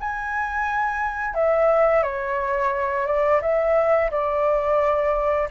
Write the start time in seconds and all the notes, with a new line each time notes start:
0.00 G#5
1.35 E5
2.03 C#5
3.07 D5
3.42 E5
4.11 D5